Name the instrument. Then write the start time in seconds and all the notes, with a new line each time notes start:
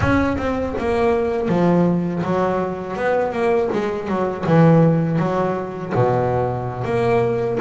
double bass
0.00 C#4
0.37 C4
0.78 A#3
1.48 F3
2.23 F#3
2.96 B3
3.32 A#3
3.72 G#3
4.07 F#3
4.46 E3
5.19 F#3
5.95 B2
6.84 A#3